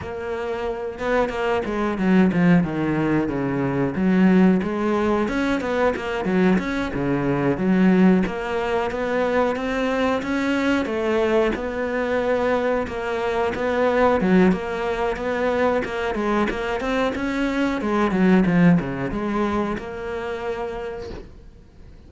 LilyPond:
\new Staff \with { instrumentName = "cello" } { \time 4/4 \tempo 4 = 91 ais4. b8 ais8 gis8 fis8 f8 | dis4 cis4 fis4 gis4 | cis'8 b8 ais8 fis8 cis'8 cis4 fis8~ | fis8 ais4 b4 c'4 cis'8~ |
cis'8 a4 b2 ais8~ | ais8 b4 fis8 ais4 b4 | ais8 gis8 ais8 c'8 cis'4 gis8 fis8 | f8 cis8 gis4 ais2 | }